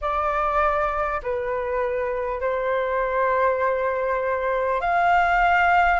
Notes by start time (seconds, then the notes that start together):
0.01 D5
1.23 B4
2.40 C5
4.80 F5